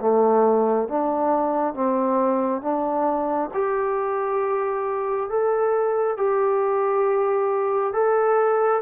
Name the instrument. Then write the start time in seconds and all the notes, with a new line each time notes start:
trombone
0.00 A3
0.88 D4
1.74 C4
2.61 D4
3.53 G4
5.29 A4
6.17 G4
7.93 A4